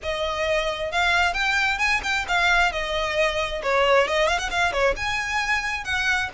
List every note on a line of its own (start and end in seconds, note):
0.02 0.91 D#5
0.91 1.33 F5
1.33 1.78 G5
1.78 2.01 G#5
2.03 2.25 G5
2.28 2.71 F5
2.71 3.62 D#5
3.62 4.07 C#5
4.07 4.27 D#5
4.27 4.38 F5
4.38 4.49 F#5
4.50 4.72 F5
4.72 4.94 C#5
4.96 5.84 G#5
5.84 6.29 F#5